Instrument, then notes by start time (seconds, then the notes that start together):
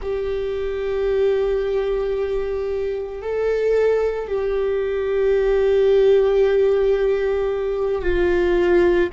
viola
0.02 G4
3.21 A4
4.27 G4
8.02 F4